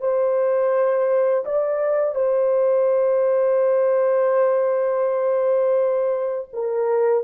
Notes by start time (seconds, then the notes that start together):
0.00 C5
1.45 D5
2.15 C5
6.53 A#4